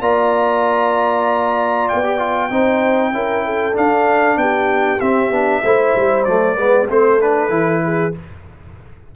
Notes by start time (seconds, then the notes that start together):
0.00 A#3 F4 D5 A#5
1.89 B3 G5
2.04 G4
2.18 F4
2.50 C4 D#4 C5
3.12 C#4 E4 A#4
3.45 A4
3.73 D4 F5
4.36 B3 G4 G5
5.00 C4 E5
5.31 B3 D4
5.64 A3 E4 C5
5.95 G3
6.24 F#3 A3 D5
6.56 G#3 B3 B4
6.89 A3 C4 A4 C5
7.21 D4 B4
7.49 E3 E4
7.84 G#4